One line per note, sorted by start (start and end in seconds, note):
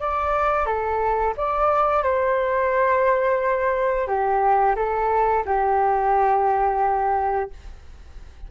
0.00 0.66 D5
0.66 1.34 A4
1.37 2.03 D5
2.03 4.08 C5
4.08 4.76 G4
4.76 5.44 A4
5.46 7.50 G4